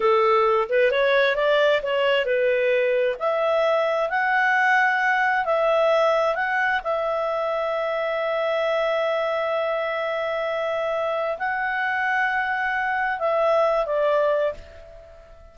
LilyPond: \new Staff \with { instrumentName = "clarinet" } { \time 4/4 \tempo 4 = 132 a'4. b'8 cis''4 d''4 | cis''4 b'2 e''4~ | e''4 fis''2. | e''2 fis''4 e''4~ |
e''1~ | e''1~ | e''4 fis''2.~ | fis''4 e''4. d''4. | }